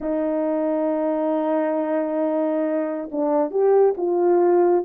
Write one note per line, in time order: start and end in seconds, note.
0.00 3.09 D#4
3.11 3.50 D4
3.50 3.94 G4
3.97 4.85 F4